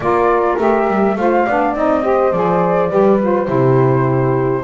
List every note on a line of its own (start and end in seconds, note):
0.00 0.55 A#3
0.00 0.58 F4
0.00 1.18 A#4
0.00 0.57 D5
0.58 0.87 A3
0.58 1.16 G4
0.58 1.16 E5
0.87 1.16 G3
1.16 1.45 A3
1.16 1.48 F4
1.16 1.46 C5
1.16 1.75 F5
1.46 1.74 B3
1.46 1.76 D4
1.46 2.03 D5
1.74 2.32 C4
1.74 2.03 D#4
1.74 2.32 D#5
2.03 2.32 G4
2.03 2.90 C5
2.32 2.90 F3
2.32 2.89 G#4
2.32 3.19 D5
2.89 3.47 G3
2.89 3.18 G4
2.89 3.48 B4
3.21 3.46 F4
3.21 4.63 C5
3.46 4.63 C3
3.46 4.62 E4
3.46 4.63 G4